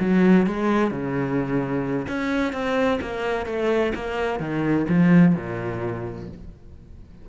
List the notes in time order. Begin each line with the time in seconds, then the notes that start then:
0.00 F#3
0.46 G#3
0.91 C#3
2.08 C#4
2.53 C4
3.01 A#3
3.46 A3
3.95 A#3
4.40 D#3
4.89 F3
5.35 A#2